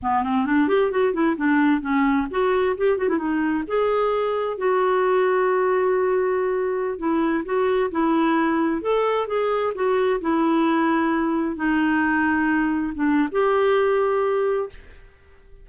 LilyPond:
\new Staff \with { instrumentName = "clarinet" } { \time 4/4 \tempo 4 = 131 b8 c'8 d'8 g'8 fis'8 e'8 d'4 | cis'4 fis'4 g'8 fis'16 e'16 dis'4 | gis'2 fis'2~ | fis'2.~ fis'16 e'8.~ |
e'16 fis'4 e'2 a'8.~ | a'16 gis'4 fis'4 e'4.~ e'16~ | e'4~ e'16 dis'2~ dis'8.~ | dis'16 d'8. g'2. | }